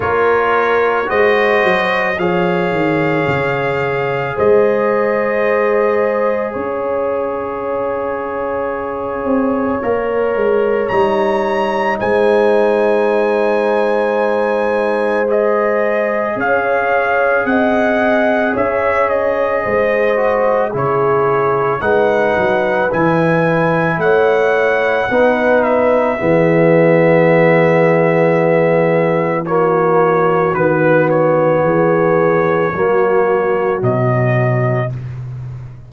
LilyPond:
<<
  \new Staff \with { instrumentName = "trumpet" } { \time 4/4 \tempo 4 = 55 cis''4 dis''4 f''2 | dis''2 f''2~ | f''2 ais''4 gis''4~ | gis''2 dis''4 f''4 |
fis''4 e''8 dis''4. cis''4 | fis''4 gis''4 fis''4. e''8~ | e''2. cis''4 | b'8 cis''2~ cis''8 dis''4 | }
  \new Staff \with { instrumentName = "horn" } { \time 4/4 ais'4 c''4 cis''2 | c''2 cis''2~ | cis''2. c''4~ | c''2. cis''4 |
dis''4 cis''4 c''4 gis'4 | b'2 cis''4 b'4 | gis'2. fis'4~ | fis'4 gis'4 fis'2 | }
  \new Staff \with { instrumentName = "trombone" } { \time 4/4 f'4 fis'4 gis'2~ | gis'1~ | gis'4 ais'4 dis'2~ | dis'2 gis'2~ |
gis'2~ gis'8 fis'8 e'4 | dis'4 e'2 dis'4 | b2. ais4 | b2 ais4 fis4 | }
  \new Staff \with { instrumentName = "tuba" } { \time 4/4 ais4 gis8 fis8 f8 dis8 cis4 | gis2 cis'2~ | cis'8 c'8 ais8 gis8 g4 gis4~ | gis2. cis'4 |
c'4 cis'4 gis4 cis4 | gis8 fis8 e4 a4 b4 | e1 | dis4 e4 fis4 b,4 | }
>>